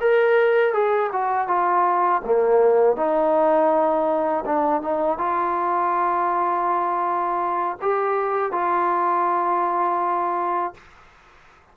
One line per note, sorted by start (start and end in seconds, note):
0.00 0.73 A#4
0.73 1.10 G#4
1.12 1.47 F#4
1.47 2.21 F4
2.25 2.96 A#3
2.96 4.44 D#4
4.45 4.81 D4
4.81 5.18 D#4
5.18 7.77 F4
7.81 8.52 G4
8.52 10.74 F4